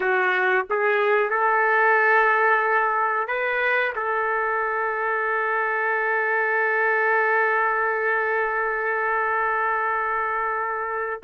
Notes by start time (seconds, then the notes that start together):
0.00 F#4
0.70 G#4
1.30 A4
3.27 B4
3.95 A4